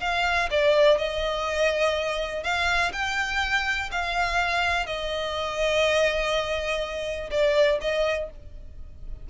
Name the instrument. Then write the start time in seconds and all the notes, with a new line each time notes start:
violin
0.00 F5
0.50 D5
0.98 D#5
2.43 F5
2.92 G5
3.91 F5
4.86 D#5
7.30 D5
7.81 D#5